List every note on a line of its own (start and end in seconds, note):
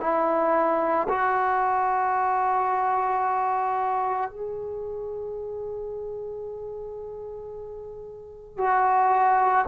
0.00 1.07 E4
1.09 4.30 F#4
4.30 8.58 G#4
8.58 9.65 F#4